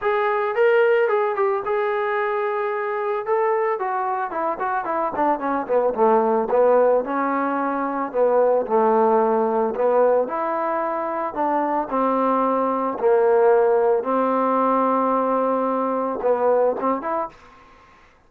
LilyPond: \new Staff \with { instrumentName = "trombone" } { \time 4/4 \tempo 4 = 111 gis'4 ais'4 gis'8 g'8 gis'4~ | gis'2 a'4 fis'4 | e'8 fis'8 e'8 d'8 cis'8 b8 a4 | b4 cis'2 b4 |
a2 b4 e'4~ | e'4 d'4 c'2 | ais2 c'2~ | c'2 b4 c'8 e'8 | }